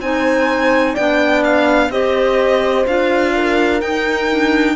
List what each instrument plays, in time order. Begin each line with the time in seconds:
0.00 cello C4, clarinet D#4, horn C5, violin G#5
0.94 cello B3, clarinet D4, horn D5, violin G5
1.44 violin F5
1.90 cello C4, clarinet G4, horn C5, violin D#5
2.87 cello D4, clarinet F4, violin F5
3.35 horn A#4
3.81 clarinet D#4, cello D#4, violin G5
4.30 clarinet D4